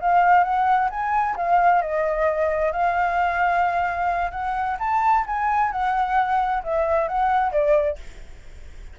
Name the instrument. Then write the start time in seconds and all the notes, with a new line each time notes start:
flute
0.00 F5
0.43 F#5
0.90 G#5
1.36 F5
1.81 D#5
2.71 F5
4.31 F#5
4.79 A5
5.26 G#5
5.71 F#5
6.63 E5
7.08 F#5
7.52 D5